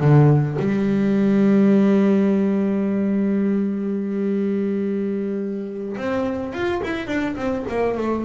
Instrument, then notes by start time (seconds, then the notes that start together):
double bass
0.00 D3
0.59 G3
5.97 C4
6.53 F4
6.83 E4
7.07 D4
7.36 C4
7.69 A#3
7.97 A3